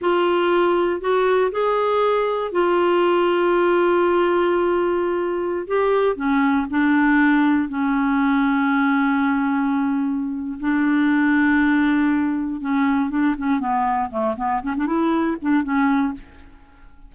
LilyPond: \new Staff \with { instrumentName = "clarinet" } { \time 4/4 \tempo 4 = 119 f'2 fis'4 gis'4~ | gis'4 f'2.~ | f'2.~ f'16 g'8.~ | g'16 cis'4 d'2 cis'8.~ |
cis'1~ | cis'4 d'2.~ | d'4 cis'4 d'8 cis'8 b4 | a8 b8 cis'16 d'16 e'4 d'8 cis'4 | }